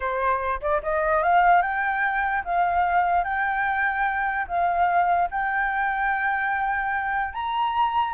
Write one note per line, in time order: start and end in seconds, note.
0.00 0.60 C5
0.61 0.81 D5
0.82 1.22 D#5
1.22 1.62 F5
1.62 2.43 G5
2.44 3.24 F5
3.24 4.46 G5
4.47 5.29 F5
5.30 7.33 G5
7.33 8.14 A#5